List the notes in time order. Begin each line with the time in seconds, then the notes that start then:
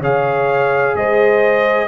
0.00 C#3 G#4 C#5 F5
0.95 G#3 C5 D#5